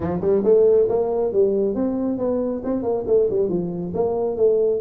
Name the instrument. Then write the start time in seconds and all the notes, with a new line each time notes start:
tuba
0.00 F3
0.21 G3
0.44 A3
0.88 A#3
1.32 G3
1.74 C4
2.18 B3
2.64 C4
2.82 A#3
3.06 A3
3.30 G3
3.49 F3
3.94 A#3
4.36 A3